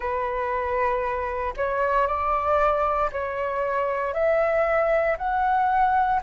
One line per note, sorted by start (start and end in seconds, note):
0.00 1.53 B4
1.56 2.07 C#5
2.07 3.10 D5
3.12 4.13 C#5
4.13 5.17 E5
5.17 6.21 F#5